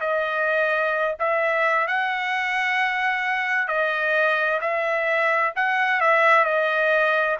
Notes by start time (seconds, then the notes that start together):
0.00 D#5
1.19 E5
1.88 F#5
3.68 D#5
4.61 E5
5.56 F#5
6.00 E5
6.44 D#5